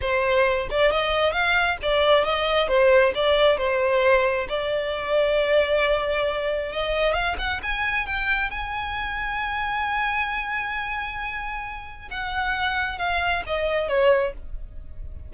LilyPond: \new Staff \with { instrumentName = "violin" } { \time 4/4 \tempo 4 = 134 c''4. d''8 dis''4 f''4 | d''4 dis''4 c''4 d''4 | c''2 d''2~ | d''2. dis''4 |
f''8 fis''8 gis''4 g''4 gis''4~ | gis''1~ | gis''2. fis''4~ | fis''4 f''4 dis''4 cis''4 | }